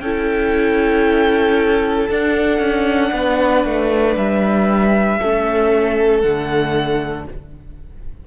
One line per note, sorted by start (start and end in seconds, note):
0.00 2.08 C#4
0.00 2.11 E4
0.00 3.12 A4
0.00 2.07 G5
2.11 2.59 D4
2.11 5.22 D4
2.11 4.17 F#5
2.59 3.11 C#4
3.13 3.64 B3
3.13 5.19 B4
3.64 4.16 A3
4.17 5.20 G3
4.17 6.21 E5
5.19 6.24 A3
5.19 6.24 C#4
5.19 7.26 A4
6.21 7.27 D3
6.21 7.27 A3
6.21 7.24 F#5